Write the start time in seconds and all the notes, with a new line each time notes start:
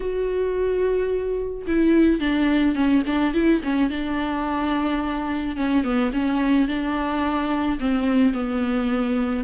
0.00 F#4
1.67 E4
2.19 D4
2.75 C#4
3.06 D4
3.33 E4
3.63 C#4
3.89 D4
5.56 C#4
5.84 B3
6.13 C#4
6.67 D4
7.79 C4
8.33 B3